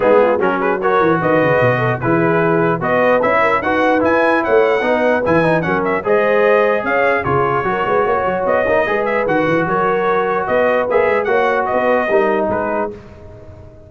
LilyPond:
<<
  \new Staff \with { instrumentName = "trumpet" } { \time 4/4 \tempo 4 = 149 gis'4 ais'8 b'8 cis''4 dis''4~ | dis''4 b'2 dis''4 | e''4 fis''4 gis''4 fis''4~ | fis''4 gis''4 fis''8 e''8 dis''4~ |
dis''4 f''4 cis''2~ | cis''4 dis''4. e''8 fis''4 | cis''2 dis''4 e''4 | fis''4 dis''2 b'4 | }
  \new Staff \with { instrumentName = "horn" } { \time 4/4 dis'8 f'8 fis'8 gis'8 ais'4 b'4~ | b'8 a'8 gis'2 b'4~ | b'8 ais'8 b'2 cis''4 | b'2 ais'4 c''4~ |
c''4 cis''4 gis'4 ais'8 b'8 | cis''2 b'2 | ais'2 b'2 | cis''4 b'4 ais'4 gis'4 | }
  \new Staff \with { instrumentName = "trombone" } { \time 4/4 b4 cis'4 fis'2~ | fis'4 e'2 fis'4 | e'4 fis'4 e'2 | dis'4 e'8 dis'8 cis'4 gis'4~ |
gis'2 f'4 fis'4~ | fis'4. dis'8 gis'4 fis'4~ | fis'2. gis'4 | fis'2 dis'2 | }
  \new Staff \with { instrumentName = "tuba" } { \time 4/4 gis4 fis4. e8 dis8 cis8 | b,4 e2 b4 | cis'4 dis'4 e'4 a4 | b4 e4 fis4 gis4~ |
gis4 cis'4 cis4 fis8 gis8 | ais8 fis8 b8 ais8 gis4 dis8 e8 | fis2 b4 ais8 gis8 | ais4 b4 g4 gis4 | }
>>